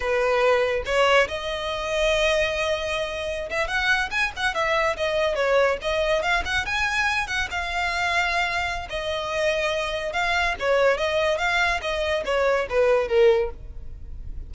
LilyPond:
\new Staff \with { instrumentName = "violin" } { \time 4/4 \tempo 4 = 142 b'2 cis''4 dis''4~ | dis''1~ | dis''16 e''8 fis''4 gis''8 fis''8 e''4 dis''16~ | dis''8. cis''4 dis''4 f''8 fis''8 gis''16~ |
gis''4~ gis''16 fis''8 f''2~ f''16~ | f''4 dis''2. | f''4 cis''4 dis''4 f''4 | dis''4 cis''4 b'4 ais'4 | }